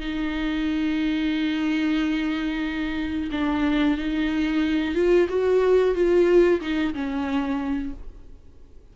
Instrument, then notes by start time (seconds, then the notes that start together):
viola
0.00 D#4
3.31 D4
3.98 D#4
4.95 F4
5.29 F#4
5.94 F4
6.61 D#4
6.94 C#4